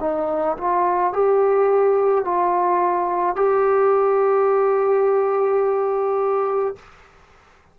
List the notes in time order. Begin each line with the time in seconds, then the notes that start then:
0.00 D#4
0.57 F4
1.13 G4
2.24 F4
3.36 G4